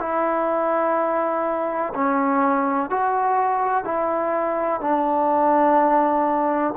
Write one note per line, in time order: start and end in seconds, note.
0.00 1.94 E4
1.95 2.90 C#4
2.90 3.85 F#4
3.85 4.81 E4
4.81 6.75 D4